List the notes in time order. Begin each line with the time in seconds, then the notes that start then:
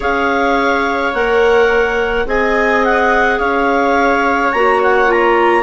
0.00 C#4 G#4 C#5 F5
1.13 A#3 A#4 F#5
2.25 C4 G#4 D#5 G#5
2.84 F#5
3.39 C#4 C#5 F5
4.52 A#3 F#4 A#5
4.83 F#5
5.05 F4 A#5